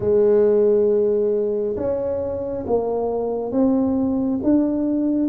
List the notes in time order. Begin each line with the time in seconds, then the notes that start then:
0.00 G#3
1.76 C#4
2.66 A#3
3.51 C4
4.43 D4